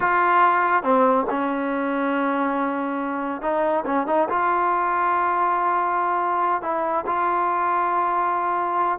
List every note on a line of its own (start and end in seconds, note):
0.00 0.83 F4
0.83 1.26 C4
1.30 3.41 C#4
3.41 3.84 D#4
3.85 4.06 C#4
4.06 4.28 D#4
4.29 6.62 F4
6.62 7.05 E4
7.06 8.98 F4